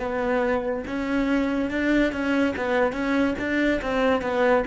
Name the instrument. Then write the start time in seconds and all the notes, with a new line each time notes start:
cello
0.00 B3
0.88 C#4
1.71 D4
2.13 C#4
2.57 B3
2.93 C#4
3.39 D4
3.82 C4
4.22 B3